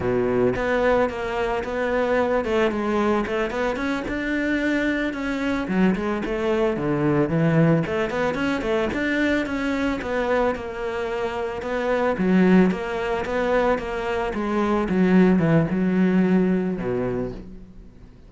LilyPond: \new Staff \with { instrumentName = "cello" } { \time 4/4 \tempo 4 = 111 b,4 b4 ais4 b4~ | b8 a8 gis4 a8 b8 cis'8 d'8~ | d'4. cis'4 fis8 gis8 a8~ | a8 d4 e4 a8 b8 cis'8 |
a8 d'4 cis'4 b4 ais8~ | ais4. b4 fis4 ais8~ | ais8 b4 ais4 gis4 fis8~ | fis8 e8 fis2 b,4 | }